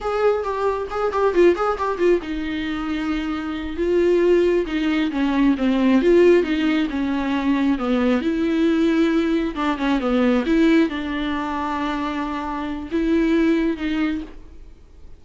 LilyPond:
\new Staff \with { instrumentName = "viola" } { \time 4/4 \tempo 4 = 135 gis'4 g'4 gis'8 g'8 f'8 gis'8 | g'8 f'8 dis'2.~ | dis'8 f'2 dis'4 cis'8~ | cis'8 c'4 f'4 dis'4 cis'8~ |
cis'4. b4 e'4.~ | e'4. d'8 cis'8 b4 e'8~ | e'8 d'2.~ d'8~ | d'4 e'2 dis'4 | }